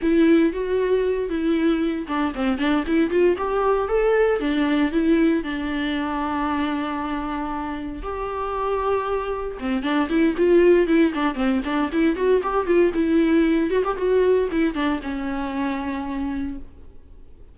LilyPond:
\new Staff \with { instrumentName = "viola" } { \time 4/4 \tempo 4 = 116 e'4 fis'4. e'4. | d'8 c'8 d'8 e'8 f'8 g'4 a'8~ | a'8 d'4 e'4 d'4.~ | d'2.~ d'8 g'8~ |
g'2~ g'8 c'8 d'8 e'8 | f'4 e'8 d'8 c'8 d'8 e'8 fis'8 | g'8 f'8 e'4. fis'16 g'16 fis'4 | e'8 d'8 cis'2. | }